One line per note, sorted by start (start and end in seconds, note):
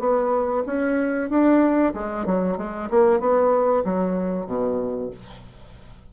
0.00 0.64 B3
0.67 1.30 C#4
1.30 1.94 D4
1.94 2.26 G#3
2.26 2.58 F#3
2.58 2.90 G#3
2.90 3.20 A#3
3.20 3.84 B3
3.85 4.47 F#3
4.47 5.11 B2